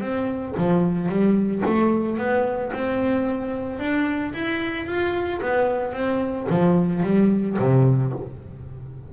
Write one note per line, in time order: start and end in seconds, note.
0.00 0.54 C4
0.57 1.09 F3
1.09 1.63 G3
1.65 2.17 A3
2.17 2.71 B3
2.73 3.79 C4
3.79 4.33 D4
4.33 4.86 E4
4.86 5.40 F4
5.41 5.92 B3
5.92 6.46 C4
6.49 7.02 F3
7.02 7.57 G3
7.58 8.13 C3